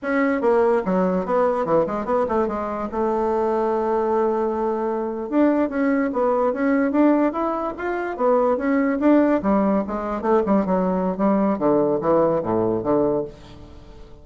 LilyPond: \new Staff \with { instrumentName = "bassoon" } { \time 4/4 \tempo 4 = 145 cis'4 ais4 fis4 b4 | e8 gis8 b8 a8 gis4 a4~ | a1~ | a8. d'4 cis'4 b4 cis'16~ |
cis'8. d'4 e'4 f'4 b16~ | b8. cis'4 d'4 g4 gis16~ | gis8. a8 g8 fis4~ fis16 g4 | d4 e4 a,4 d4 | }